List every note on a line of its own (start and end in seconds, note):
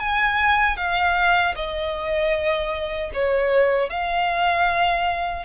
0.00 0.78 G#5
0.78 1.55 F5
1.56 3.12 D#5
3.14 3.90 C#5
3.90 5.46 F5